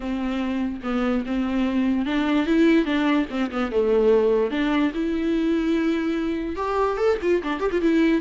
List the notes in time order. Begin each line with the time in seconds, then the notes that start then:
0.00 C4
0.83 B3
1.26 C4
2.05 D4
2.46 E4
2.85 D4
3.30 C4
3.51 B3
3.71 A3
4.50 D4
4.94 E4
6.56 G4
6.97 A4
7.21 F4
7.43 D4
7.60 G4
7.71 F4
7.81 E4